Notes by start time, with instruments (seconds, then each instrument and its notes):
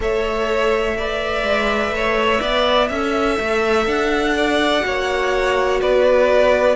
0.00 cello A3, viola A4, violin C#5 E5
0.97 viola B4, violin D5
1.43 cello G#3
1.91 cello A3, violin C#5
2.40 cello B3, violin D5
2.88 cello C#4, viola A4, violin E5
3.39 cello A3
3.86 cello D4, violin F#5
4.36 violin D5
4.80 cello A#3, viola F#4, violin C#5
5.81 cello B3, violin B4 D5